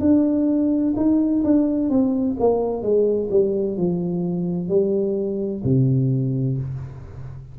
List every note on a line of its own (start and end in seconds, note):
0.00 0.94 D4
0.96 1.43 D#4
1.44 1.90 D4
1.90 2.37 C4
2.39 2.82 A#3
2.82 3.29 G#3
3.30 3.77 G3
3.77 4.69 F3
4.69 5.62 G3
5.64 6.58 C3